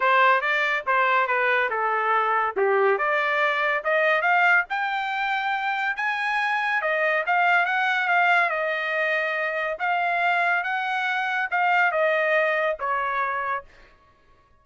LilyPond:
\new Staff \with { instrumentName = "trumpet" } { \time 4/4 \tempo 4 = 141 c''4 d''4 c''4 b'4 | a'2 g'4 d''4~ | d''4 dis''4 f''4 g''4~ | g''2 gis''2 |
dis''4 f''4 fis''4 f''4 | dis''2. f''4~ | f''4 fis''2 f''4 | dis''2 cis''2 | }